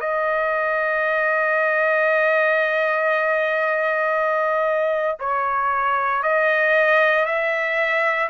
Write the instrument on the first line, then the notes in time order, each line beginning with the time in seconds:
trumpet
0.00 D#5
5.19 C#5
6.23 D#5
7.26 E5